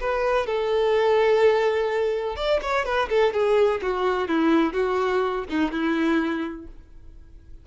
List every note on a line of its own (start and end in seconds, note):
0.00 0.46 B4
0.46 2.36 A4
2.36 2.60 D5
2.62 2.85 C#5
2.85 3.08 B4
3.09 3.33 A4
3.33 3.81 G#4
3.82 4.28 F#4
4.28 4.73 E4
4.73 5.44 F#4
5.49 5.71 D#4
5.71 6.66 E4